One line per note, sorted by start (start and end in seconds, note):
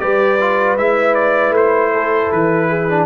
0.00 0.77 G3
0.00 0.38 G4
0.00 1.93 B4
0.00 0.77 D5
0.41 0.79 F4
0.77 1.50 G#3
0.77 2.90 E4
0.77 1.15 E5
1.15 1.54 D5
1.50 2.27 A3
1.56 2.32 C5
1.93 2.69 A4
2.32 3.07 E3
2.32 3.07 B4
2.69 3.07 G#4
2.90 3.07 D4